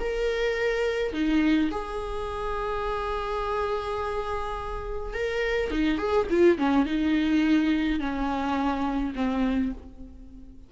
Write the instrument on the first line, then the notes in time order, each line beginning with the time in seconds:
viola
0.00 A#4
1.14 D#4
1.71 G#4
5.14 A#4
5.71 D#4
5.98 G#4
6.30 F4
6.58 C#4
6.86 D#4
8.00 C#4
9.16 C4